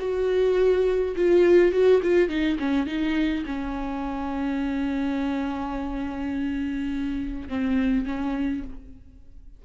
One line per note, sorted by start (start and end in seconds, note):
0.00 1.15 F#4
1.16 1.73 F4
1.73 2.01 F#4
2.03 2.29 F4
2.29 2.58 D#4
2.60 2.87 C#4
2.87 3.45 D#4
3.46 7.49 C#4
7.49 8.06 C4
8.06 8.64 C#4